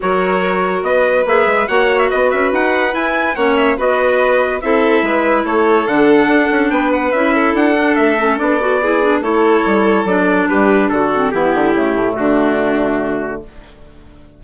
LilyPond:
<<
  \new Staff \with { instrumentName = "trumpet" } { \time 4/4 \tempo 4 = 143 cis''2 dis''4 e''4 | fis''8. e''16 dis''8 e''8 fis''4 gis''4 | fis''8 e''8 dis''2 e''4~ | e''4 cis''4 fis''2 |
g''8 fis''8 e''4 fis''4 e''4 | d''2 cis''2 | d''4 b'4 a'4 g'4~ | g'4 fis'2. | }
  \new Staff \with { instrumentName = "violin" } { \time 4/4 ais'2 b'2 | cis''4 b'2. | cis''4 b'2 a'4 | b'4 a'2. |
b'4. a'2~ a'8~ | a'4 gis'4 a'2~ | a'4 g'4 fis'4 e'4~ | e'4 d'2. | }
  \new Staff \with { instrumentName = "clarinet" } { \time 4/4 fis'2. gis'4 | fis'2. e'4 | cis'4 fis'2 e'4~ | e'2 d'2~ |
d'4 e'4. d'4 cis'8 | d'8 fis'8 e'8 d'8 e'2 | d'2~ d'8 c'8 b4 | a1 | }
  \new Staff \with { instrumentName = "bassoon" } { \time 4/4 fis2 b4 ais8 gis8 | ais4 b8 cis'8 dis'4 e'4 | ais4 b2 c'4 | gis4 a4 d4 d'8 cis'8 |
b4 cis'4 d'4 a4 | b2 a4 g4 | fis4 g4 d4 e8 d8 | cis8 a,8 d2. | }
>>